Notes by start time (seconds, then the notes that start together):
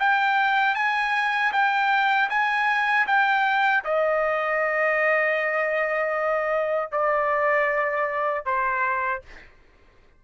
0.00 G5
0.76 G#5
1.53 G5
2.30 G#5
3.07 G5
3.85 D#5
6.92 D5
8.45 C5